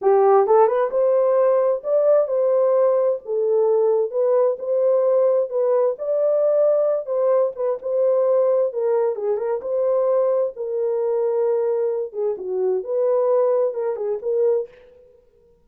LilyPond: \new Staff \with { instrumentName = "horn" } { \time 4/4 \tempo 4 = 131 g'4 a'8 b'8 c''2 | d''4 c''2 a'4~ | a'4 b'4 c''2 | b'4 d''2~ d''8 c''8~ |
c''8 b'8 c''2 ais'4 | gis'8 ais'8 c''2 ais'4~ | ais'2~ ais'8 gis'8 fis'4 | b'2 ais'8 gis'8 ais'4 | }